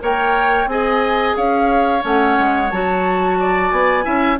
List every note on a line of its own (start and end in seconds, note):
0.00 0.67 A#3
0.00 0.67 A#4
0.00 0.70 C#5
0.00 0.69 G5
0.67 1.34 C4
0.67 2.01 G#4
0.67 1.37 D#5
0.67 1.37 G#5
1.37 2.04 C#4
1.37 3.39 C#5
1.37 2.04 F5
2.01 2.38 A3
2.01 2.68 C#4
2.01 2.71 F#5
2.39 2.72 G#3
2.71 3.72 F#3
2.71 4.03 F#4
2.71 3.71 A5
3.40 4.05 D5
3.71 4.06 B3
3.71 4.39 G#5
4.03 4.40 C#4
4.03 4.37 E4
4.03 4.39 E5